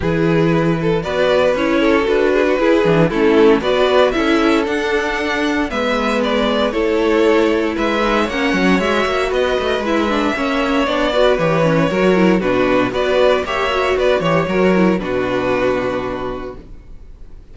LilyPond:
<<
  \new Staff \with { instrumentName = "violin" } { \time 4/4 \tempo 4 = 116 b'2 d''4 cis''4 | b'2 a'4 d''4 | e''4 fis''2 e''4 | d''4 cis''2 e''4 |
fis''4 e''4 dis''4 e''4~ | e''4 d''4 cis''2 | b'4 d''4 e''4 d''8 cis''8~ | cis''4 b'2. | }
  \new Staff \with { instrumentName = "violin" } { \time 4/4 gis'4. a'8 b'4. a'8~ | a'8 gis'16 fis'16 gis'4 e'4 b'4 | a'2. b'4~ | b'4 a'2 b'4 |
cis''2 b'2 | cis''4. b'4. ais'4 | fis'4 b'4 cis''4 b'8 cis''8 | ais'4 fis'2. | }
  \new Staff \with { instrumentName = "viola" } { \time 4/4 e'2 fis'4 e'4 | fis'4 e'8 d'8 cis'4 fis'4 | e'4 d'2 b4~ | b4 e'2~ e'8 dis'8 |
cis'4 fis'2 e'8 d'8 | cis'4 d'8 fis'8 g'8 cis'8 fis'8 e'8 | d'4 fis'4 g'8 fis'4 g'8 | fis'8 e'8 d'2. | }
  \new Staff \with { instrumentName = "cello" } { \time 4/4 e2 b4 cis'4 | d'4 e'8 e8 a4 b4 | cis'4 d'2 gis4~ | gis4 a2 gis4 |
ais8 fis8 gis8 ais8 b8 a8 gis4 | ais4 b4 e4 fis4 | b,4 b4 ais4 b8 e8 | fis4 b,2. | }
>>